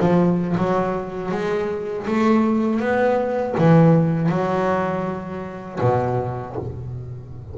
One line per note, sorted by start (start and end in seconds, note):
0.00 0.56 F3
0.57 1.32 F#3
1.32 2.07 G#3
2.07 2.80 A3
2.80 3.55 B3
3.58 4.30 E3
4.30 5.80 F#3
5.81 6.56 B2